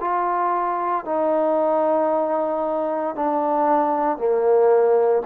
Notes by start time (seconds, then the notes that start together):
0.00 F4
1.05 D#4
3.15 D4
4.17 A#3